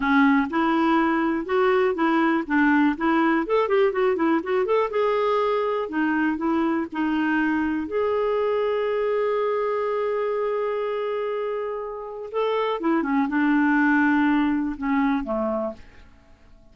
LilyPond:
\new Staff \with { instrumentName = "clarinet" } { \time 4/4 \tempo 4 = 122 cis'4 e'2 fis'4 | e'4 d'4 e'4 a'8 g'8 | fis'8 e'8 fis'8 a'8 gis'2 | dis'4 e'4 dis'2 |
gis'1~ | gis'1~ | gis'4 a'4 e'8 cis'8 d'4~ | d'2 cis'4 a4 | }